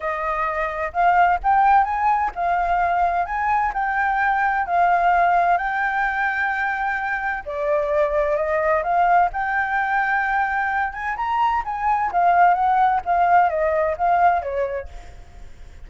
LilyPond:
\new Staff \with { instrumentName = "flute" } { \time 4/4 \tempo 4 = 129 dis''2 f''4 g''4 | gis''4 f''2 gis''4 | g''2 f''2 | g''1 |
d''2 dis''4 f''4 | g''2.~ g''8 gis''8 | ais''4 gis''4 f''4 fis''4 | f''4 dis''4 f''4 cis''4 | }